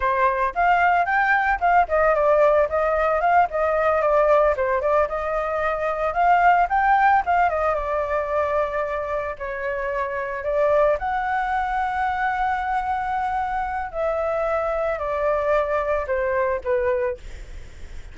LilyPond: \new Staff \with { instrumentName = "flute" } { \time 4/4 \tempo 4 = 112 c''4 f''4 g''4 f''8 dis''8 | d''4 dis''4 f''8 dis''4 d''8~ | d''8 c''8 d''8 dis''2 f''8~ | f''8 g''4 f''8 dis''8 d''4.~ |
d''4. cis''2 d''8~ | d''8 fis''2.~ fis''8~ | fis''2 e''2 | d''2 c''4 b'4 | }